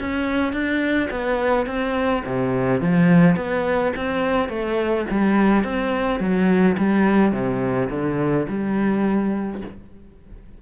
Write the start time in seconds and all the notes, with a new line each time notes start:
0.00 C#4
0.53 D4
1.10 B3
1.66 C4
2.26 C3
2.81 F3
3.36 B3
3.96 C4
4.49 A3
5.10 G3
5.64 C4
6.20 F#3
6.77 G3
7.32 C3
7.90 D3
8.48 G3